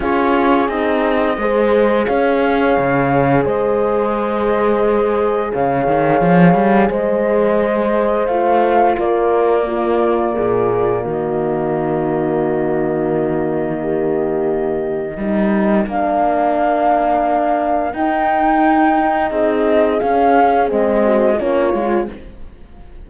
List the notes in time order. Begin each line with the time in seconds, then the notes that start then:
0.00 C#4 F4 G#4 C#5
0.68 C4 D#4 D#5
1.37 G#3 G#4 C5
2.06 C#4 C#5 F5
2.77 C#3
3.45 G#3 C5 D#5
5.52 C#3 C#5 F5
5.86 D#3
6.20 F3
6.54 G3
6.90 G#3 C5 D#5
8.26 A3 F4 F5
8.98 A#3 A#4 D5
9.62 A#3 F4
10.33 A#2 G#4
11.04 D#3 F#4 D#5
13.81 G4
15.17 G3 D#4 A#4
15.86 A#3 D4 F5
17.92 D#4 G5
19.29 C4 G#4 D#5
19.99 C#4 F5
20.67 G#3 C4 D#5
21.04 F#4
21.37 A#3 C#4 F4 C#5
21.73 G#3 F4